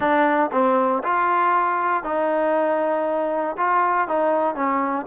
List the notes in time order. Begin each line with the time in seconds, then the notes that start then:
0.00 D4
0.52 C4
1.03 F4
2.03 D#4
3.57 F4
4.07 D#4
4.55 C#4